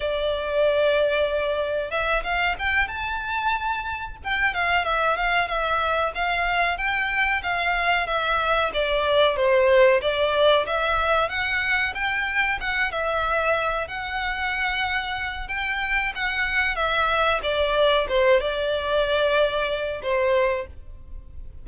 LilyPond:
\new Staff \with { instrumentName = "violin" } { \time 4/4 \tempo 4 = 93 d''2. e''8 f''8 | g''8 a''2 g''8 f''8 e''8 | f''8 e''4 f''4 g''4 f''8~ | f''8 e''4 d''4 c''4 d''8~ |
d''8 e''4 fis''4 g''4 fis''8 | e''4. fis''2~ fis''8 | g''4 fis''4 e''4 d''4 | c''8 d''2~ d''8 c''4 | }